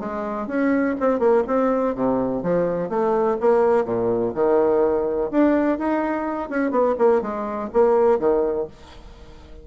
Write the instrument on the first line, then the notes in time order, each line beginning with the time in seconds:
bassoon
0.00 G#3
0.48 C#4
1.00 C4
1.20 A#3
1.48 C4
1.95 C3
2.43 F3
2.90 A3
3.41 A#3
3.85 A#2
4.35 D#3
5.32 D4
5.79 D#4
6.50 C#4
6.71 B3
6.99 A#3
7.22 G#3
7.73 A#3
8.19 D#3